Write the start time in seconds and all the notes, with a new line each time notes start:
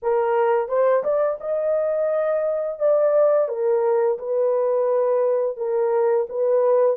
0.02 A#4
0.68 C5
1.03 D5
1.40 D#5
2.79 D5
3.48 A#4
4.18 B4
5.57 A#4
6.29 B4